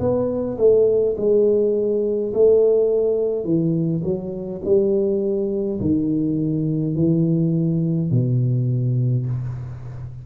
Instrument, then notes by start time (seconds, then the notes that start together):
tuba
0.00 B3
0.58 A3
1.17 G#3
2.34 A3
3.45 E3
4.04 F#3
4.65 G3
5.81 D#3
6.96 E3
8.11 B2